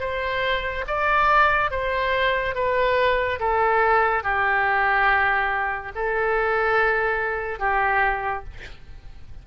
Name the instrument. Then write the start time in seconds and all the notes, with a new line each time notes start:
oboe
0.00 C5
0.87 D5
1.71 C5
2.55 B4
3.40 A4
4.23 G4
5.95 A4
7.59 G4